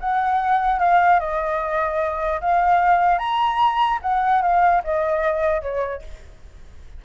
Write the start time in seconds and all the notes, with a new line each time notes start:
0.00 F#5
0.79 F5
1.20 D#5
2.41 F5
3.19 A#5
4.02 F#5
4.42 F5
4.84 D#5
5.62 C#5